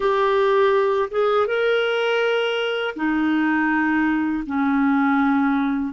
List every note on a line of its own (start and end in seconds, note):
0.00 1.09 G4
1.10 1.46 G#4
1.46 2.95 A#4
2.96 4.44 D#4
4.46 5.93 C#4